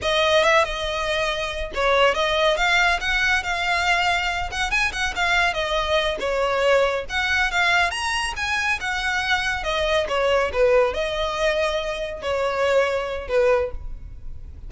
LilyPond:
\new Staff \with { instrumentName = "violin" } { \time 4/4 \tempo 4 = 140 dis''4 e''8 dis''2~ dis''8 | cis''4 dis''4 f''4 fis''4 | f''2~ f''8 fis''8 gis''8 fis''8 | f''4 dis''4. cis''4.~ |
cis''8 fis''4 f''4 ais''4 gis''8~ | gis''8 fis''2 dis''4 cis''8~ | cis''8 b'4 dis''2~ dis''8~ | dis''8 cis''2~ cis''8 b'4 | }